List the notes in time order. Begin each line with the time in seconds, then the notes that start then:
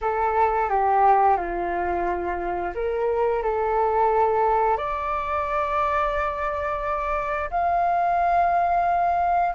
0.01 A4
0.68 G4
1.36 F4
2.75 A#4
3.42 A4
4.77 D5
7.50 F5